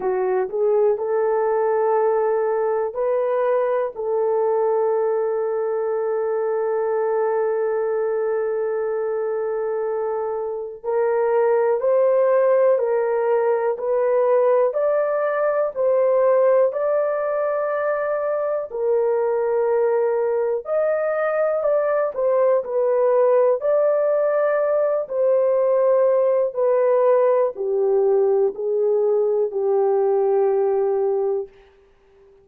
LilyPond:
\new Staff \with { instrumentName = "horn" } { \time 4/4 \tempo 4 = 61 fis'8 gis'8 a'2 b'4 | a'1~ | a'2. ais'4 | c''4 ais'4 b'4 d''4 |
c''4 d''2 ais'4~ | ais'4 dis''4 d''8 c''8 b'4 | d''4. c''4. b'4 | g'4 gis'4 g'2 | }